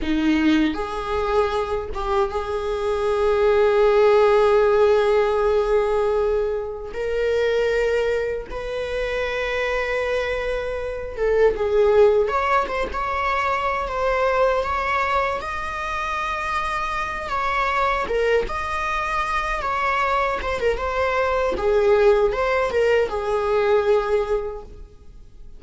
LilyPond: \new Staff \with { instrumentName = "viola" } { \time 4/4 \tempo 4 = 78 dis'4 gis'4. g'8 gis'4~ | gis'1~ | gis'4 ais'2 b'4~ | b'2~ b'8 a'8 gis'4 |
cis''8 c''16 cis''4~ cis''16 c''4 cis''4 | dis''2~ dis''8 cis''4 ais'8 | dis''4. cis''4 c''16 ais'16 c''4 | gis'4 c''8 ais'8 gis'2 | }